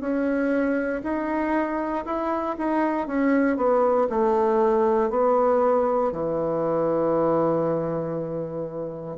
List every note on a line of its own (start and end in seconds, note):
0.00 1.02 C#4
1.03 2.05 D#4
2.05 2.56 E4
2.57 3.07 D#4
3.07 3.56 C#4
3.56 4.07 B3
4.09 5.10 A3
5.10 6.12 B3
6.12 9.17 E3